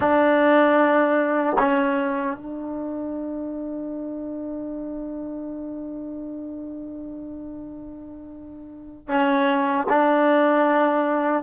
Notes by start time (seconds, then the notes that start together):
0.00 D4
1.58 C#4
2.36 D4
9.08 C#4
9.89 D4